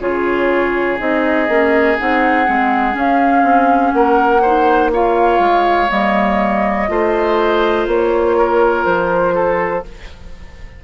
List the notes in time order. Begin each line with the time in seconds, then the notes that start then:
0.00 C#3 F4 G#4 C#5
0.99 C4 D#4 D#5
1.48 A#3 C#4
1.98 C4 D#4 F#5
2.45 G#3 C4
2.92 C#4 F5
3.43 C4
3.92 A#3 A#4 F#5
4.42 D#4 C5
4.93 F4 C#5 F5
5.39 G#3
5.88 G3 A#3 D#5
6.88 A3 F4 C5
7.87 A#3 C#5
8.37 A#4
8.85 F3 C5
9.35 A4